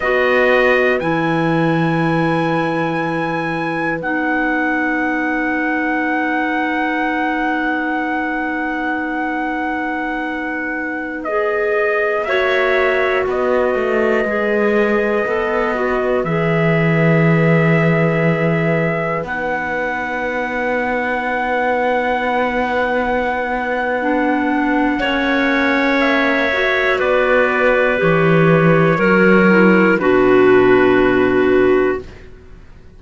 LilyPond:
<<
  \new Staff \with { instrumentName = "trumpet" } { \time 4/4 \tempo 4 = 60 dis''4 gis''2. | fis''1~ | fis''2.~ fis''16 dis''8.~ | dis''16 e''4 dis''2~ dis''8.~ |
dis''16 e''2. fis''8.~ | fis''1~ | fis''2 e''4 d''4 | cis''2 b'2 | }
  \new Staff \with { instrumentName = "clarinet" } { \time 4/4 b'1~ | b'1~ | b'1~ | b'16 cis''4 b'2~ b'8.~ |
b'1~ | b'1~ | b'4 cis''2 b'4~ | b'4 ais'4 fis'2 | }
  \new Staff \with { instrumentName = "clarinet" } { \time 4/4 fis'4 e'2. | dis'1~ | dis'2.~ dis'16 gis'8.~ | gis'16 fis'2 gis'4 a'8 fis'16~ |
fis'16 gis'2. dis'8.~ | dis'1 | d'4 cis'4. fis'4. | g'4 fis'8 e'8 d'2 | }
  \new Staff \with { instrumentName = "cello" } { \time 4/4 b4 e2. | b1~ | b1~ | b16 ais4 b8 a8 gis4 b8.~ |
b16 e2. b8.~ | b1~ | b4 ais2 b4 | e4 fis4 b,2 | }
>>